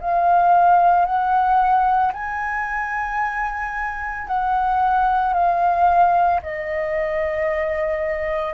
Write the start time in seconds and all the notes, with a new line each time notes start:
0.00 F5
1.05 F#5
2.13 G#5
4.27 F#5
5.34 F5
6.42 D#5